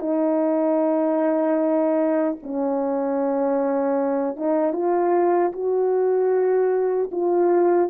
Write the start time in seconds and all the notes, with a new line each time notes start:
0.00 D#4
2.43 C#4
4.37 D#4
4.73 F4
5.53 F#4
7.12 F4